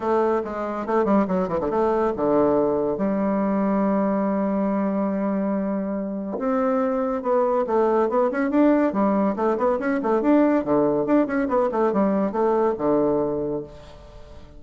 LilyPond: \new Staff \with { instrumentName = "bassoon" } { \time 4/4 \tempo 4 = 141 a4 gis4 a8 g8 fis8 e16 d16 | a4 d2 g4~ | g1~ | g2. c'4~ |
c'4 b4 a4 b8 cis'8 | d'4 g4 a8 b8 cis'8 a8 | d'4 d4 d'8 cis'8 b8 a8 | g4 a4 d2 | }